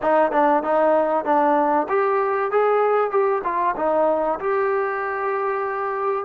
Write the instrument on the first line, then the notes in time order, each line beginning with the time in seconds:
trombone
0.02 D#4
0.31 D4
0.63 D#4
1.24 D4
1.88 G4
2.51 G#4
3.11 G4
3.43 F4
3.76 D#4
4.39 G4